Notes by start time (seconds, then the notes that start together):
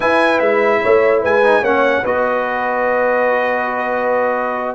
0.00 E4 B4 G#5
0.39 G#3 E5
0.81 A3 C#5
1.21 G#3 B4 G#5
1.42 D#4
1.61 A#3 C#4 C#5 F#5
2.02 B3 F#4 B4 D#5